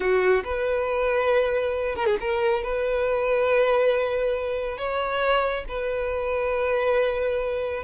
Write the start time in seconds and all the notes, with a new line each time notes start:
0.00 F#4
0.44 B4
1.95 A#4
2.06 G#4
2.20 A#4
2.63 B4
4.77 C#5
5.68 B4